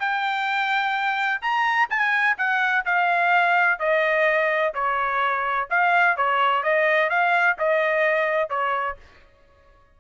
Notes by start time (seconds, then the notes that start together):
0.00 G5
1.42 A#5
1.90 G#5
2.38 F#5
2.86 F5
3.80 D#5
4.75 C#5
5.70 F5
6.17 C#5
6.64 D#5
7.10 F5
7.59 D#5
8.50 C#5